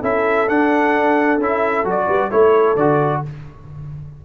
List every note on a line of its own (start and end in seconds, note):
0.00 0.48 C#4
0.00 0.48 E4
0.00 2.06 A4
0.00 0.48 E5
0.48 1.38 D4
0.48 1.40 D4
0.48 1.40 F#5
1.38 1.84 C#4
1.38 1.85 E4
1.38 1.88 E5
1.84 2.07 F#3
1.84 2.30 F#4
1.90 2.31 D5
2.06 2.31 G3
2.06 2.29 B4
2.30 2.76 A3
2.30 2.76 E4
2.30 3.22 A4
2.30 2.76 C#5
2.76 3.21 D3
2.76 3.25 F#4
2.76 3.22 D5